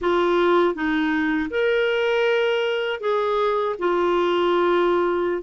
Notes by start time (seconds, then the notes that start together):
0.01 F4
0.74 D#4
1.50 A#4
3.00 G#4
3.78 F4